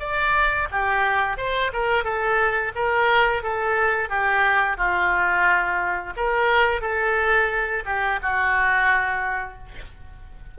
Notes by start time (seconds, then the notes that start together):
0.00 D5
0.72 G4
1.38 C5
1.73 A#4
2.05 A4
2.76 A#4
3.43 A4
4.10 G4
4.78 F4
6.17 A#4
6.82 A4
7.86 G4
8.23 F#4